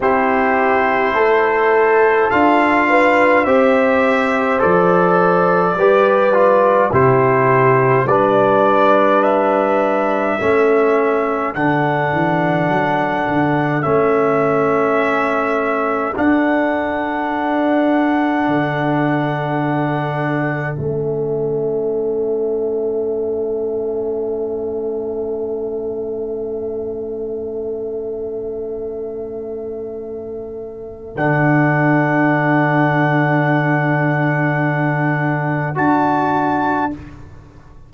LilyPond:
<<
  \new Staff \with { instrumentName = "trumpet" } { \time 4/4 \tempo 4 = 52 c''2 f''4 e''4 | d''2 c''4 d''4 | e''2 fis''2 | e''2 fis''2~ |
fis''2 e''2~ | e''1~ | e''2. fis''4~ | fis''2. a''4 | }
  \new Staff \with { instrumentName = "horn" } { \time 4/4 g'4 a'4. b'8 c''4~ | c''4 b'4 g'4 b'4~ | b'4 a'2.~ | a'1~ |
a'1~ | a'1~ | a'1~ | a'1 | }
  \new Staff \with { instrumentName = "trombone" } { \time 4/4 e'2 f'4 g'4 | a'4 g'8 f'8 e'4 d'4~ | d'4 cis'4 d'2 | cis'2 d'2~ |
d'2 cis'2~ | cis'1~ | cis'2. d'4~ | d'2. fis'4 | }
  \new Staff \with { instrumentName = "tuba" } { \time 4/4 c'4 a4 d'4 c'4 | f4 g4 c4 g4~ | g4 a4 d8 e8 fis8 d8 | a2 d'2 |
d2 a2~ | a1~ | a2. d4~ | d2. d'4 | }
>>